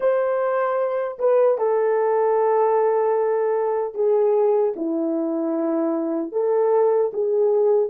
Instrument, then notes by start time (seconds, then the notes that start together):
horn
0.00 C5
1.18 B4
1.58 A4
3.94 G#4
4.75 E4
6.32 A4
7.13 G#4